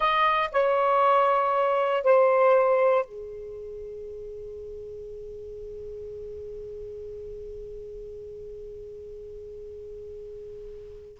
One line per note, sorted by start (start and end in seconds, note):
0.00 0.50 D#5
0.52 2.03 C#5
2.03 3.05 C5
3.05 11.18 G#4